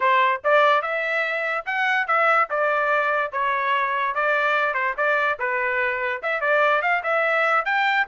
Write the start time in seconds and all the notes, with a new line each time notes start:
0.00 C5
0.43 D5
0.82 E5
1.65 F#5
2.07 E5
2.49 D5
3.31 C#5
4.15 D5
4.74 C5
4.97 D5
5.39 B4
6.22 E5
6.40 D5
6.82 F5
7.03 E5
7.65 G5